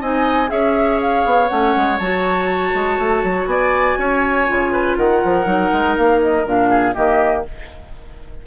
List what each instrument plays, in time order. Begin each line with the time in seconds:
0.00 bassoon C4, clarinet D#4, oboe D#5, flute G#5
0.48 bassoon C#4, clarinet G#4, oboe C#5, flute E5
1.01 flute F5
1.25 bassoon B3
1.48 bassoon A3, clarinet C#4, flute F#5
1.76 bassoon G#3
1.98 bassoon F#3, clarinet F#4, flute A5
2.74 bassoon G#3
2.98 bassoon A3
3.24 bassoon F#3
3.46 bassoon B3, oboe D5, flute G#5
3.98 bassoon C#4, oboe C#5
4.47 bassoon C#3, clarinet F4
4.72 oboe B4
4.97 bassoon D#3, oboe A#4, flute F#5
5.24 bassoon F3
5.44 bassoon F#3, clarinet D#4
5.72 bassoon G#3
5.96 bassoon A#3, flute F5
6.22 flute D#5
6.45 bassoon A#2, clarinet D4, flute F5
6.69 oboe G#4
6.94 bassoon D#3, clarinet A#3, oboe G4, flute D#5